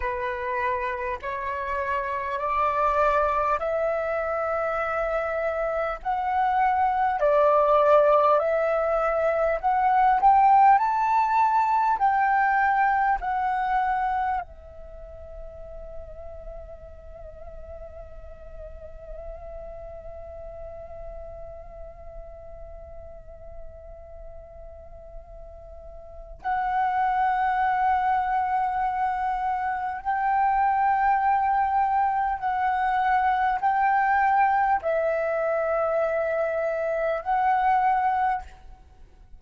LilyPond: \new Staff \with { instrumentName = "flute" } { \time 4/4 \tempo 4 = 50 b'4 cis''4 d''4 e''4~ | e''4 fis''4 d''4 e''4 | fis''8 g''8 a''4 g''4 fis''4 | e''1~ |
e''1~ | e''2 fis''2~ | fis''4 g''2 fis''4 | g''4 e''2 fis''4 | }